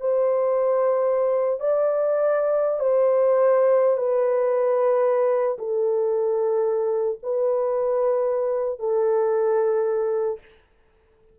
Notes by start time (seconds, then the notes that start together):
0.00 C5
1.60 D5
2.79 C5
3.97 B4
5.58 A4
7.23 B4
8.79 A4